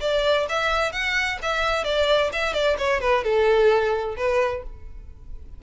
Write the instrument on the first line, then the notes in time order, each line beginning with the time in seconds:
violin
0.00 D5
0.49 E5
0.92 F#5
1.42 E5
1.84 D5
2.32 E5
2.53 D5
2.78 C#5
3.00 B4
3.23 A4
4.16 B4